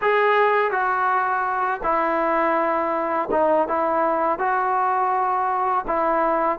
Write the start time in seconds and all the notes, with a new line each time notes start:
0.01 G#4
0.71 F#4
1.83 E4
3.31 D#4
3.68 E4
4.38 F#4
5.87 E4